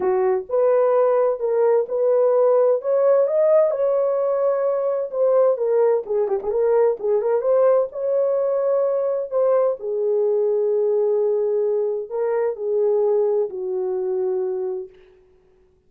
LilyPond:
\new Staff \with { instrumentName = "horn" } { \time 4/4 \tempo 4 = 129 fis'4 b'2 ais'4 | b'2 cis''4 dis''4 | cis''2. c''4 | ais'4 gis'8 g'16 gis'16 ais'4 gis'8 ais'8 |
c''4 cis''2. | c''4 gis'2.~ | gis'2 ais'4 gis'4~ | gis'4 fis'2. | }